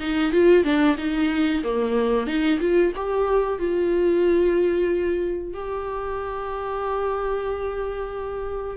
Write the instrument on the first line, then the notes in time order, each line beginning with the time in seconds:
viola
0.00 D#4
0.32 F4
0.64 D4
0.98 D#4
1.63 A#3
2.27 D#4
2.60 F4
2.96 G4
3.59 F4
5.53 G4